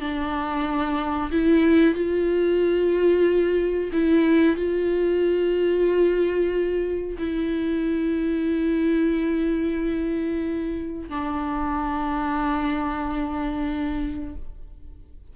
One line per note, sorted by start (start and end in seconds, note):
0.00 1.30 D4
1.31 1.95 E4
1.95 3.90 F4
3.92 4.56 E4
4.56 7.17 F4
7.18 11.09 E4
11.09 14.35 D4